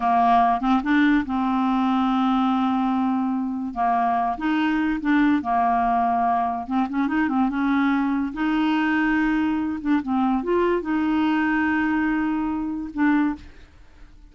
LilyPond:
\new Staff \with { instrumentName = "clarinet" } { \time 4/4 \tempo 4 = 144 ais4. c'8 d'4 c'4~ | c'1~ | c'4 ais4. dis'4. | d'4 ais2. |
c'8 cis'8 dis'8 c'8 cis'2 | dis'2.~ dis'8 d'8 | c'4 f'4 dis'2~ | dis'2. d'4 | }